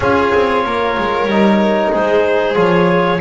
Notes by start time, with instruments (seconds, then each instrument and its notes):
0.00 double bass C#4, trombone F4, violin G#4, clarinet C#5
0.33 double bass C4
0.65 double bass A#3, violin A#4
0.98 double bass G#3
1.25 double bass G3, trombone D#4
1.91 double bass G#3, violin G#4, clarinet C5
2.53 double bass F3, trombone F4, clarinet C#5